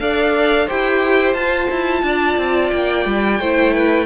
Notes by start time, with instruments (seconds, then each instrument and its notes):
0.00 cello D4, viola A4, violin D5 F5
0.66 cello E4, viola G4, violin C5 G5
1.34 cello F4, viola F4, violin A5
1.71 cello E4
2.03 cello D4, violin D5
2.37 cello C4
2.71 cello A#3, violin G5
3.06 cello G3
3.40 cello A3, viola E4, violin C5
3.74 violin B4